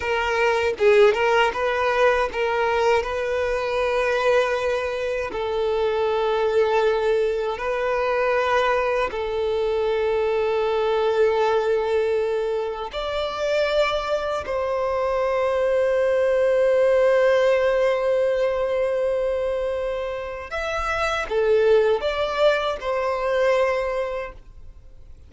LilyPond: \new Staff \with { instrumentName = "violin" } { \time 4/4 \tempo 4 = 79 ais'4 gis'8 ais'8 b'4 ais'4 | b'2. a'4~ | a'2 b'2 | a'1~ |
a'4 d''2 c''4~ | c''1~ | c''2. e''4 | a'4 d''4 c''2 | }